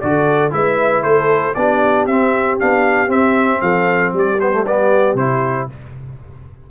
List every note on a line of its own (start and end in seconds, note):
0.00 0.52 D3
0.00 0.50 F#4
0.00 0.53 A4
0.00 0.52 D5
0.50 1.03 G#3
0.50 1.54 E4
0.50 1.04 B4
0.50 1.03 E5
1.03 1.55 A3
1.03 1.56 A4
1.03 1.54 C5
1.54 2.06 B3
1.54 2.09 D4
1.54 3.62 G4
1.54 2.06 D5
2.06 2.58 C4
2.06 2.59 C4
2.06 2.58 E5
2.59 3.08 B3
2.59 3.08 D4
2.59 3.10 F5
3.08 4.37 C4
3.08 3.60 C4
3.08 3.61 E5
3.61 4.12 F3
3.61 4.13 A4
3.61 4.12 F5
4.12 5.14 G3
4.12 5.70 G4
4.12 4.40 D5
4.40 4.52 B3
4.40 4.65 C5
4.52 4.65 A3
4.66 5.18 B3
4.66 5.17 D5
5.14 5.66 C3
5.14 5.69 E4
5.14 5.68 C5